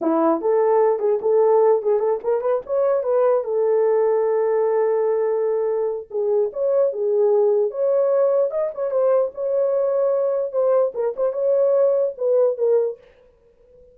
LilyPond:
\new Staff \with { instrumentName = "horn" } { \time 4/4 \tempo 4 = 148 e'4 a'4. gis'8 a'4~ | a'8 gis'8 a'8 ais'8 b'8 cis''4 b'8~ | b'8 a'2.~ a'8~ | a'2. gis'4 |
cis''4 gis'2 cis''4~ | cis''4 dis''8 cis''8 c''4 cis''4~ | cis''2 c''4 ais'8 c''8 | cis''2 b'4 ais'4 | }